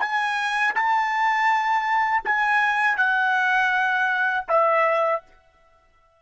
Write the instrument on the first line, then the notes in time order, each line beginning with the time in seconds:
trumpet
0.00 G#5
0.75 A5
2.25 G#5
2.98 F#5
4.48 E5